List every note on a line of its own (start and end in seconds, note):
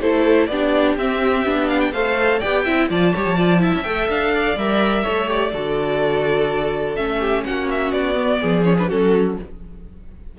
0.00 0.48 A3
0.00 0.49 E4
0.00 0.48 A4
0.00 0.47 C5
0.47 0.96 B3
0.47 0.99 D4
0.47 1.92 G4
0.47 0.95 D5
0.97 1.45 C4
0.97 1.46 C4
0.97 1.68 E5
1.45 1.92 B3
1.45 1.94 D4
1.68 1.80 F5
1.80 1.92 G5
1.92 2.40 A3
1.92 2.42 A4
1.92 2.39 C5
1.92 2.40 F5
2.39 2.67 B3
2.39 2.66 G4
2.39 2.63 D5
2.39 2.88 G5
2.64 2.90 C4
2.64 2.90 E4
2.64 2.88 E5
2.90 3.14 F3
2.90 3.14 F4
2.90 3.14 D5
2.90 3.83 A5
3.14 3.25 G3
3.14 3.36 G4
3.14 3.37 C#5
3.25 3.73 F3
3.36 3.59 F4
3.36 3.61 D5
3.59 3.83 E4
3.59 4.34 E5
3.75 3.84 C#4
3.83 4.08 A3
3.83 4.57 A4
3.83 4.07 G5
4.08 4.56 D4
4.08 4.58 F5
4.34 5.03 D5
4.56 5.04 G3
4.56 5.05 A#4
4.56 5.30 E5
5.03 5.53 A3
5.03 5.27 A4
5.03 5.51 C#5
5.27 5.51 G4
5.27 6.96 D5
5.53 6.97 D3
5.53 6.96 F#4
5.53 7.19 A4
6.96 7.45 A3
6.96 8.14 C#4
6.96 7.44 E5
7.19 7.43 G4
7.44 7.92 A#3
7.44 8.41 F#4
7.44 7.68 F#5
7.70 7.92 E5
7.92 8.40 B3
7.92 8.63 D5
8.14 8.62 B3
8.41 8.91 F3
8.41 8.88 G#4
8.64 8.76 C#4
8.64 8.76 C#5
8.78 8.89 D4
8.78 8.90 B4
8.88 9.39 F#3
8.88 9.37 C#4
8.88 9.36 F#4
8.88 9.38 A4